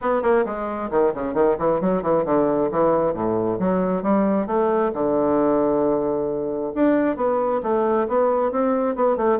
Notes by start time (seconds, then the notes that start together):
0.01 B3
0.22 A#3
0.45 G#3
0.90 D#3
1.14 C#3
1.34 D#3
1.58 E3
1.81 F#3
2.02 E3
2.25 D3
2.71 E3
3.13 A2
3.59 F#3
4.02 G3
4.46 A3
4.93 D3
6.74 D4
7.16 B3
7.62 A3
8.07 B3
8.51 C4
8.95 B3
9.16 A3